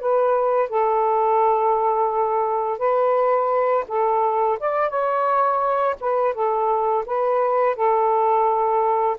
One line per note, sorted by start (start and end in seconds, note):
0.00 0.69 B4
0.69 2.78 A4
2.78 3.84 B4
3.88 4.59 A4
4.59 4.90 D5
4.90 5.96 C#5
6.01 6.34 B4
6.34 7.04 A4
7.06 7.76 B4
7.76 9.17 A4